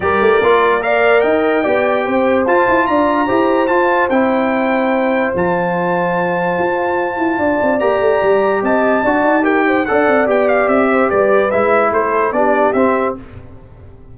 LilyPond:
<<
  \new Staff \with { instrumentName = "trumpet" } { \time 4/4 \tempo 4 = 146 d''2 f''4 g''4~ | g''2 a''4 ais''4~ | ais''4 a''4 g''2~ | g''4 a''2.~ |
a''2. ais''4~ | ais''4 a''2 g''4 | fis''4 g''8 f''8 e''4 d''4 | e''4 c''4 d''4 e''4 | }
  \new Staff \with { instrumentName = "horn" } { \time 4/4 ais'2 d''4 dis''4 | d''4 c''2 d''4 | c''1~ | c''1~ |
c''2 d''2~ | d''4 dis''4 d''4 ais'8 c''8 | d''2~ d''8 c''8 b'4~ | b'4 a'4 g'2 | }
  \new Staff \with { instrumentName = "trombone" } { \time 4/4 g'4 f'4 ais'2 | g'2 f'2 | g'4 f'4 e'2~ | e'4 f'2.~ |
f'2. g'4~ | g'2 fis'4 g'4 | a'4 g'2. | e'2 d'4 c'4 | }
  \new Staff \with { instrumentName = "tuba" } { \time 4/4 g8 a8 ais2 dis'4 | b4 c'4 f'8 e'8 d'4 | e'4 f'4 c'2~ | c'4 f2. |
f'4. e'8 d'8 c'8 ais8 a8 | g4 c'4 d'8 dis'4. | d'8 c'8 b4 c'4 g4 | gis4 a4 b4 c'4 | }
>>